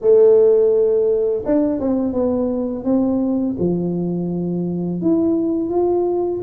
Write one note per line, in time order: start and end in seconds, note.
0.01 1.44 A3
1.45 1.80 D4
1.80 2.13 C4
2.13 2.84 B3
2.84 3.56 C4
3.59 5.01 F3
5.01 5.69 E4
5.69 6.41 F4